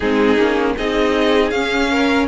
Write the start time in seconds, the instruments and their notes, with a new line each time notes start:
0.00 cello G#3, viola C4, violin D#4 G#4
0.36 cello A#3, viola C#4
0.77 cello C4, viola D#4, violin G#4 D#5
1.50 cello C#4, viola C#4, violin F5
1.90 violin A#4